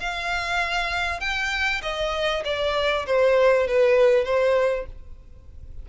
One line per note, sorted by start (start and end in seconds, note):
0.00 1.21 F5
1.21 1.82 G5
1.83 2.44 D#5
2.45 3.06 D5
3.06 3.68 C5
3.68 4.24 B4
4.24 4.86 C5